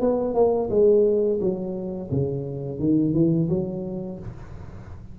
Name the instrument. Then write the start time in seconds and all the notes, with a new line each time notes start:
tuba
0.00 B3
0.34 A#3
0.70 G#3
1.40 F#3
2.11 C#3
2.79 D#3
3.13 E3
3.49 F#3